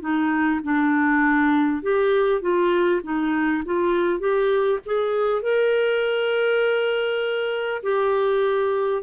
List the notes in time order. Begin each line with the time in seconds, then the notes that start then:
0.00 D#4
0.63 D4
1.82 G4
2.41 F4
3.03 D#4
3.65 F4
4.19 G4
4.85 G#4
5.42 A#4
7.82 G4